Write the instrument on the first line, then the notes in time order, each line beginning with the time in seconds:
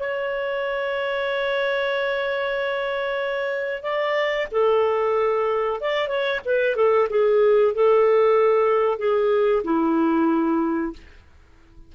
clarinet
0.00 C#5
3.83 D5
4.52 A4
5.81 D5
6.09 C#5
6.45 B4
6.76 A4
7.10 G#4
7.75 A4
8.99 G#4
9.64 E4